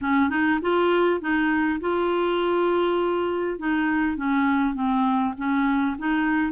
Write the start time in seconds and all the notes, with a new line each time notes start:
0.01 C#4
0.29 D#4
0.61 F4
1.20 D#4
1.80 F4
3.58 D#4
4.16 C#4
4.74 C4
5.37 C#4
5.98 D#4